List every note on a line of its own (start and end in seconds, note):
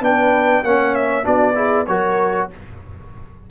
0.00 0.62 B3
0.00 0.64 D4
0.00 0.63 B4
0.00 0.64 G5
0.63 1.25 A#3
0.63 1.23 C#4
0.63 1.24 C#5
0.63 0.94 F#5
0.94 1.25 E5
1.23 1.87 B3
1.23 1.54 D4
1.23 1.55 F#4
1.23 1.86 D5
1.55 1.86 E4
1.55 1.87 G#4
1.86 2.49 F#3
1.86 2.50 F#4
1.86 2.50 A#4
1.86 2.48 C#5